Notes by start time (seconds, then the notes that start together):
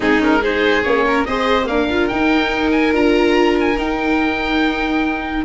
0.00 G#3 C4 D#4 G#4
0.18 C#4 A#4
0.41 D#4 G#4 C5
0.82 A#3 C#4 C#5
1.06 A#4
1.24 C4 G#4 C5 D#5
1.65 A#3 D4 A#4 F5
1.90 F4
2.08 D#4 G5
2.71 G#5
2.92 D4 F4 A#5
3.60 G#5
3.77 D#4 G5